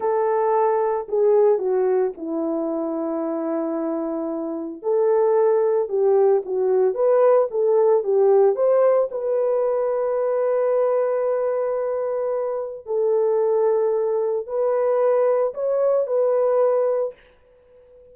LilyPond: \new Staff \with { instrumentName = "horn" } { \time 4/4 \tempo 4 = 112 a'2 gis'4 fis'4 | e'1~ | e'4 a'2 g'4 | fis'4 b'4 a'4 g'4 |
c''4 b'2.~ | b'1 | a'2. b'4~ | b'4 cis''4 b'2 | }